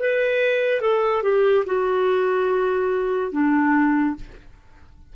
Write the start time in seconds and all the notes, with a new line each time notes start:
0.00 B4
0.81 A4
1.23 G4
1.66 F#4
3.32 D4